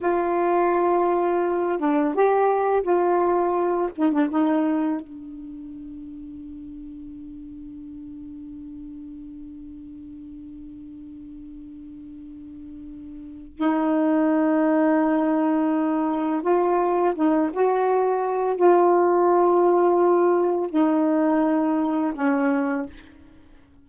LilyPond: \new Staff \with { instrumentName = "saxophone" } { \time 4/4 \tempo 4 = 84 f'2~ f'8 d'8 g'4 | f'4. dis'16 d'16 dis'4 d'4~ | d'1~ | d'1~ |
d'2. dis'4~ | dis'2. f'4 | dis'8 fis'4. f'2~ | f'4 dis'2 cis'4 | }